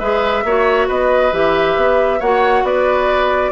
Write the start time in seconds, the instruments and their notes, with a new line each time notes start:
0.00 bassoon G#3, clarinet G#4, oboe B4, flute E5
0.44 bassoon A#3, clarinet F#4, oboe C#5
0.88 bassoon B3, oboe B4, flute D#5
1.32 bassoon E3, clarinet G4, flute E5
1.77 bassoon B3
2.20 bassoon A#3, clarinet F#4, oboe C#5, flute F#5
2.64 bassoon B3, oboe B4, flute D5